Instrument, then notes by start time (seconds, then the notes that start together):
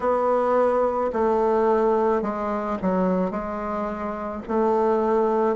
bassoon
0.00 B3
1.12 A3
2.22 G#3
2.82 F#3
3.30 G#3
4.47 A3